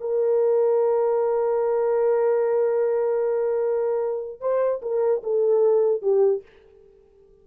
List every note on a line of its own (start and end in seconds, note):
0.00 4.40 A#4
4.40 4.80 C5
4.82 5.22 A#4
5.23 6.02 A4
6.02 6.42 G4